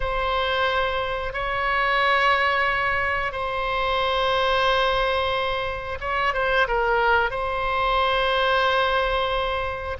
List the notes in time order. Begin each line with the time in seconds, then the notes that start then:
0.00 C5
1.33 C#5
3.32 C5
6.00 C#5
6.33 C5
6.67 A#4
7.30 C5